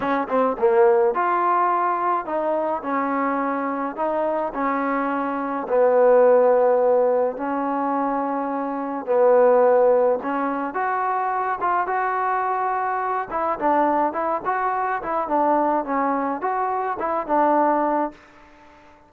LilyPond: \new Staff \with { instrumentName = "trombone" } { \time 4/4 \tempo 4 = 106 cis'8 c'8 ais4 f'2 | dis'4 cis'2 dis'4 | cis'2 b2~ | b4 cis'2. |
b2 cis'4 fis'4~ | fis'8 f'8 fis'2~ fis'8 e'8 | d'4 e'8 fis'4 e'8 d'4 | cis'4 fis'4 e'8 d'4. | }